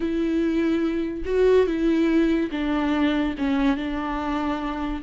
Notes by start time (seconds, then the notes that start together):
0.00 E4
1.25 F#4
1.66 E4
2.51 D4
3.37 C#4
3.76 D4